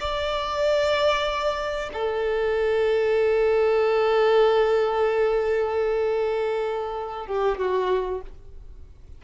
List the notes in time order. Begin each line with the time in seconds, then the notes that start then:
0.00 D5
1.93 A4
7.27 G4
7.58 F#4